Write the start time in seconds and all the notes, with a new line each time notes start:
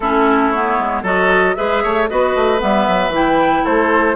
0.00 A3 C#4 E4 A4
0.51 B3 C#5
0.78 G#3
1.02 F#3 F#4 A4 D#5
1.55 G#3 G#4 B4 E5
1.83 A3 C#5
2.08 B3 F#4 B4 D#5
2.35 A3
2.58 G3 B3 E5
2.88 F#3
3.08 E3 E4 G5
3.64 A3 A4 C5